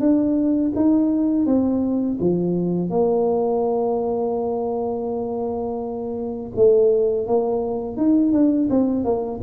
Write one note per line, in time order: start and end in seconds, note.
0.00 0.72 D4
0.75 1.46 D#4
1.46 2.18 C4
2.20 2.90 F3
2.90 6.51 A#3
6.56 7.27 A3
7.27 7.96 A#3
7.96 8.32 D#4
8.32 8.68 D4
8.70 9.04 C4
9.04 9.40 A#3